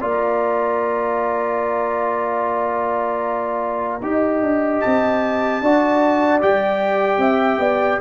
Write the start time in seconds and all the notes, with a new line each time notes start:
0.00 A#3 F4 D5 A#5
4.01 D#4 G4 D#5
4.41 D4
4.80 C4 A5
5.61 D4 F#4 D5
6.40 G3 G4 G5
7.18 C4 E5
7.58 B3 D5